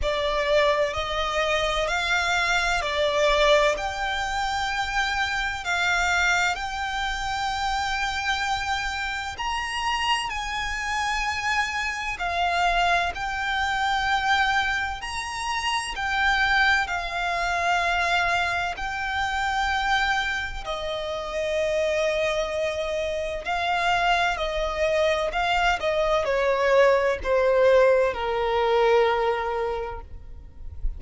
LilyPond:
\new Staff \with { instrumentName = "violin" } { \time 4/4 \tempo 4 = 64 d''4 dis''4 f''4 d''4 | g''2 f''4 g''4~ | g''2 ais''4 gis''4~ | gis''4 f''4 g''2 |
ais''4 g''4 f''2 | g''2 dis''2~ | dis''4 f''4 dis''4 f''8 dis''8 | cis''4 c''4 ais'2 | }